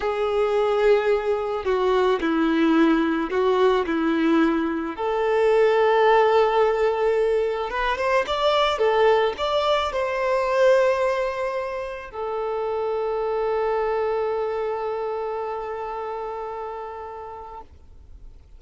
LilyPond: \new Staff \with { instrumentName = "violin" } { \time 4/4 \tempo 4 = 109 gis'2. fis'4 | e'2 fis'4 e'4~ | e'4 a'2.~ | a'2 b'8 c''8 d''4 |
a'4 d''4 c''2~ | c''2 a'2~ | a'1~ | a'1 | }